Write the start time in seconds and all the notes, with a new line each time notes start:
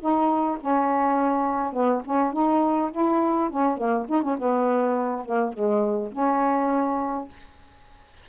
0.00 D#4
0.61 C#4
1.73 B3
2.05 C#4
2.33 D#4
2.92 E4
3.50 C#4
3.78 A#3
4.09 D#4
4.22 C#4
4.39 B3
5.26 A#3
5.53 G#3
6.12 C#4